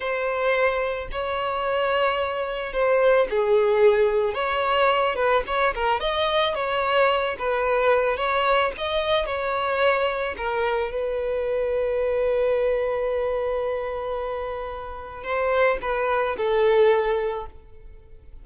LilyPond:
\new Staff \with { instrumentName = "violin" } { \time 4/4 \tempo 4 = 110 c''2 cis''2~ | cis''4 c''4 gis'2 | cis''4. b'8 cis''8 ais'8 dis''4 | cis''4. b'4. cis''4 |
dis''4 cis''2 ais'4 | b'1~ | b'1 | c''4 b'4 a'2 | }